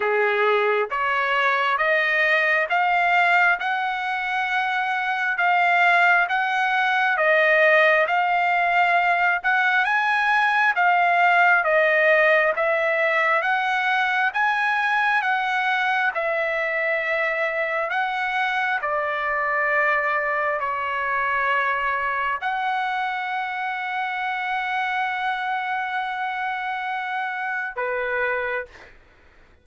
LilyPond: \new Staff \with { instrumentName = "trumpet" } { \time 4/4 \tempo 4 = 67 gis'4 cis''4 dis''4 f''4 | fis''2 f''4 fis''4 | dis''4 f''4. fis''8 gis''4 | f''4 dis''4 e''4 fis''4 |
gis''4 fis''4 e''2 | fis''4 d''2 cis''4~ | cis''4 fis''2.~ | fis''2. b'4 | }